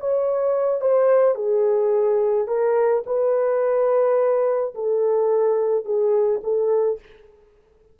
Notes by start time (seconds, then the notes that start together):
0.00 C#5
0.81 C5
1.35 G#4
2.48 A#4
3.06 B4
4.75 A4
5.85 G#4
6.44 A4